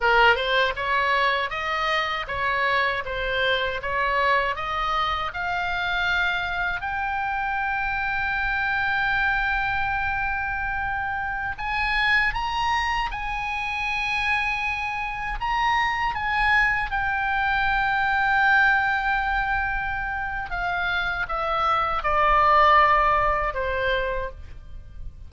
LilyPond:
\new Staff \with { instrumentName = "oboe" } { \time 4/4 \tempo 4 = 79 ais'8 c''8 cis''4 dis''4 cis''4 | c''4 cis''4 dis''4 f''4~ | f''4 g''2.~ | g''2.~ g''16 gis''8.~ |
gis''16 ais''4 gis''2~ gis''8.~ | gis''16 ais''4 gis''4 g''4.~ g''16~ | g''2. f''4 | e''4 d''2 c''4 | }